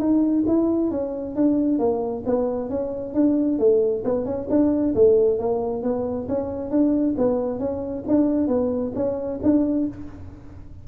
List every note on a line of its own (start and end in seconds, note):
0.00 0.45 D#4
0.47 0.91 E4
0.91 1.36 C#4
1.36 1.79 D4
1.79 2.24 A#3
2.26 2.70 B3
2.70 3.14 C#4
3.14 3.59 D4
3.59 4.04 A3
4.05 4.25 B3
4.25 4.48 C#4
4.50 4.95 D4
4.95 5.39 A3
5.39 5.83 A#3
5.83 6.28 B3
6.29 6.71 C#4
6.71 7.15 D4
7.18 7.60 B3
7.60 8.04 C#4
8.08 8.48 D4
8.48 8.92 B3
8.95 9.40 C#4
9.43 9.88 D4